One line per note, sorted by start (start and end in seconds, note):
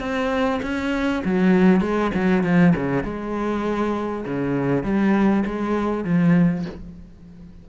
0.00 0.61 C4
0.63 1.23 C#4
1.25 1.82 F#3
1.82 2.12 G#3
2.15 2.44 F#3
2.44 2.74 F3
2.76 3.04 C#3
3.04 4.25 G#3
4.26 4.84 C#3
4.84 5.45 G3
5.46 6.05 G#3
6.05 6.66 F3